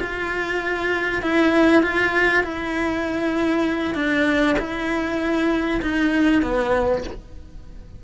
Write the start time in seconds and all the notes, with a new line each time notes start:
0.00 F4
1.23 E4
1.83 F4
2.44 E4
3.95 D4
4.59 E4
5.82 D#4
6.43 B3